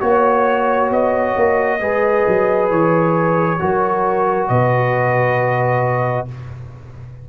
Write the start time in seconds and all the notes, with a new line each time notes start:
0.00 A#3 F#4 C#5
0.90 B3 D#5
1.36 A#3
1.80 G#3 G#4 B4
2.27 F#3
2.70 E3 C#5
3.59 F#3 F#4 A#4
4.48 B2 B4 D#5